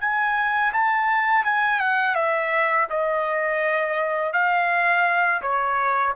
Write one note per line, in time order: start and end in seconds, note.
0.00 0.72 G#5
0.73 1.45 A5
1.45 1.80 G#5
1.80 2.15 F#5
2.15 2.87 E5
2.89 4.33 D#5
4.33 5.41 F5
5.42 6.14 C#5